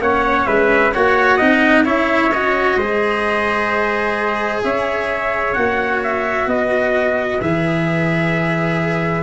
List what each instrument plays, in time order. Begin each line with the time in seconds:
0.00 tuba A#3, cello C#4, trumpet C#5 F#5
0.46 tuba G#3, trumpet B4 E5
0.94 tuba A#3, cello F#4, trumpet C#5 F#5
1.37 tuba C4, cello D#4, trumpet D#5
1.85 tuba C#4, cello E4, trumpet C#5 E5
2.33 cello F#4, trumpet D#5
2.77 tuba G#3, cello G#4, trumpet C5
4.64 tuba C#4, trumpet C#5 E5
5.54 tuba A#3, cello F#4, trumpet F#5
6.04 trumpet E5
6.47 tuba B3, trumpet B4 D#5
7.41 tuba E3, cello G#4, trumpet E5